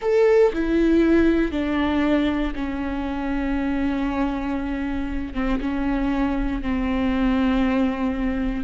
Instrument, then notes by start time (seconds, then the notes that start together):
viola
0.01 A4
0.53 E4
1.51 D4
2.55 C#4
5.34 C4
5.60 C#4
6.61 C4